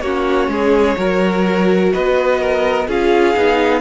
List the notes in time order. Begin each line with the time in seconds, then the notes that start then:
0.00 A#3 C#4 F#4 C#5
0.47 G#3 G#4
0.96 F#3 F#4 A#4
1.92 B3 B4 D#5
2.40 A#4
2.87 C#4 F4 G#4 F5
3.35 B3 D#4